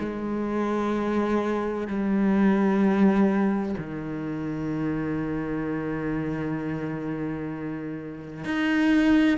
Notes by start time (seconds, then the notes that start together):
0.00 G#3
1.87 G3
3.78 D#3
8.45 D#4